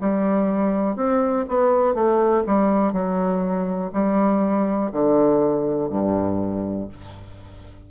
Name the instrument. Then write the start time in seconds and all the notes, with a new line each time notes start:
bassoon
0.00 G3
0.96 C4
1.48 B3
1.94 A3
2.46 G3
2.92 F#3
3.93 G3
4.92 D3
5.90 G2